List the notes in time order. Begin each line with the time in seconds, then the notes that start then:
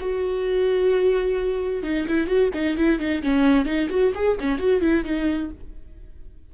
0.00 F#4
1.83 D#4
2.07 E4
2.27 F#4
2.53 D#4
2.77 E4
2.99 D#4
3.22 C#4
3.65 D#4
3.89 F#4
4.14 G#4
4.40 C#4
4.58 F#4
4.81 E4
5.04 D#4